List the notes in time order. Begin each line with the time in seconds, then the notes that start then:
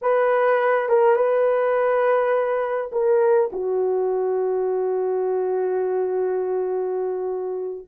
0.01 B4
0.89 A#4
1.16 B4
2.92 A#4
3.52 F#4